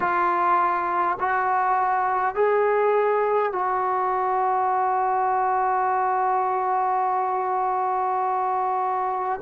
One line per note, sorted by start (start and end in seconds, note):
0.00 1.18 F4
1.19 2.35 F#4
2.35 3.52 G#4
3.52 9.40 F#4